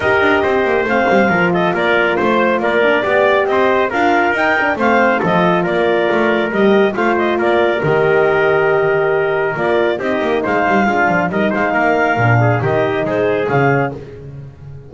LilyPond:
<<
  \new Staff \with { instrumentName = "clarinet" } { \time 4/4 \tempo 4 = 138 dis''2 f''4. dis''8 | d''4 c''4 d''2 | dis''4 f''4 g''4 f''4 | dis''4 d''2 dis''4 |
f''8 dis''8 d''4 dis''2~ | dis''2 d''4 dis''4 | f''2 dis''8 f''4.~ | f''4 dis''4 c''4 f''4 | }
  \new Staff \with { instrumentName = "trumpet" } { \time 4/4 ais'4 c''2 ais'8 a'8 | ais'4 c''4 ais'4 d''4 | c''4 ais'2 c''4 | a'4 ais'2. |
c''4 ais'2.~ | ais'2. g'4 | c''4 f'4 ais'8 c''8 ais'4~ | ais'8 gis'8 g'4 gis'2 | }
  \new Staff \with { instrumentName = "horn" } { \time 4/4 g'2 c'4 f'4~ | f'2~ f'8 d'8 g'4~ | g'4 f'4 dis'8 d'8 c'4 | f'2. g'4 |
f'2 g'2~ | g'2 f'4 dis'4~ | dis'4 d'4 dis'2 | d'4 dis'2 cis'4 | }
  \new Staff \with { instrumentName = "double bass" } { \time 4/4 dis'8 d'8 c'8 ais8 a8 g8 f4 | ais4 a4 ais4 b4 | c'4 d'4 dis'4 a4 | f4 ais4 a4 g4 |
a4 ais4 dis2~ | dis2 ais4 c'8 ais8 | gis8 g8 gis8 f8 g8 gis8 ais4 | ais,4 dis4 gis4 cis4 | }
>>